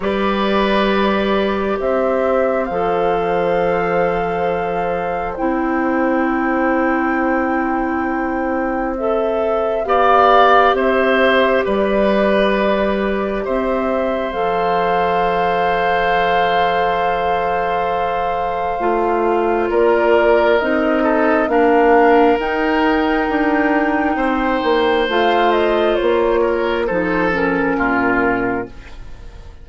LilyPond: <<
  \new Staff \with { instrumentName = "flute" } { \time 4/4 \tempo 4 = 67 d''2 e''4 f''4~ | f''2 g''2~ | g''2 e''4 f''4 | e''4 d''2 e''4 |
f''1~ | f''2 d''4 dis''4 | f''4 g''2. | f''8 dis''8 cis''4 c''8 ais'4. | }
  \new Staff \with { instrumentName = "oboe" } { \time 4/4 b'2 c''2~ | c''1~ | c''2. d''4 | c''4 b'2 c''4~ |
c''1~ | c''2 ais'4. a'8 | ais'2. c''4~ | c''4. ais'8 a'4 f'4 | }
  \new Staff \with { instrumentName = "clarinet" } { \time 4/4 g'2. a'4~ | a'2 e'2~ | e'2 a'4 g'4~ | g'1 |
a'1~ | a'4 f'2 dis'4 | d'4 dis'2. | f'2 dis'8 cis'4. | }
  \new Staff \with { instrumentName = "bassoon" } { \time 4/4 g2 c'4 f4~ | f2 c'2~ | c'2. b4 | c'4 g2 c'4 |
f1~ | f4 a4 ais4 c'4 | ais4 dis'4 d'4 c'8 ais8 | a4 ais4 f4 ais,4 | }
>>